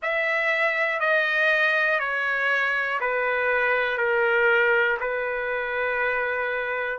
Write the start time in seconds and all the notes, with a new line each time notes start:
0.02 E5
1.00 D#5
1.99 C#5
3.00 B4
3.97 A#4
5.00 B4